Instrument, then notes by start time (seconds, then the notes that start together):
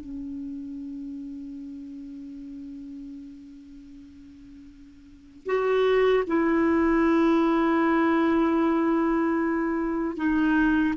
clarinet
0.00 C#4
5.45 F#4
6.27 E4
10.16 D#4